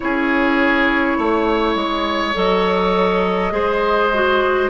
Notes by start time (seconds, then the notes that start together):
0.00 C#4 E4 G#4 C#5
1.18 A3 C#5
1.75 G#3
2.34 F#3 A4 D#5
3.51 G#3 G#4 C5
4.13 F#4